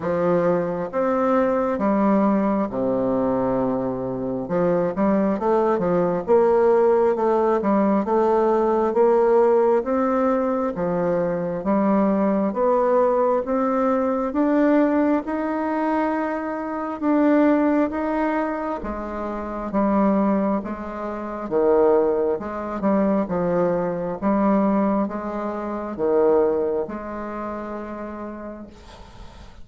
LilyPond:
\new Staff \with { instrumentName = "bassoon" } { \time 4/4 \tempo 4 = 67 f4 c'4 g4 c4~ | c4 f8 g8 a8 f8 ais4 | a8 g8 a4 ais4 c'4 | f4 g4 b4 c'4 |
d'4 dis'2 d'4 | dis'4 gis4 g4 gis4 | dis4 gis8 g8 f4 g4 | gis4 dis4 gis2 | }